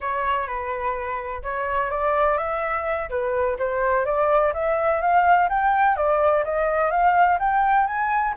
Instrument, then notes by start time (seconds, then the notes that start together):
flute
0.01 C#5
0.47 B4
1.42 C#5
1.90 D5
2.37 E5
3.09 B4
3.58 C5
4.05 D5
4.53 E5
5.01 F5
5.49 G5
5.96 D5
6.44 D#5
6.90 F5
7.39 G5
7.86 G#5